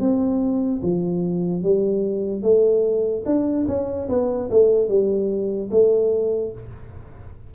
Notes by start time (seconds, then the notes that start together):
0.00 C4
0.82 F3
1.63 G3
2.43 A3
3.25 D4
3.67 C#4
4.09 B3
4.50 A3
4.88 G3
5.71 A3